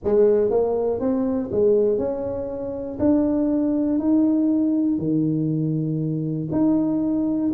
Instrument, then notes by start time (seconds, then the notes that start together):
tuba
0.04 G#3
0.50 A#3
1.00 C4
1.51 G#3
1.97 C#4
2.99 D4
3.98 D#4
4.98 D#3
6.51 D#4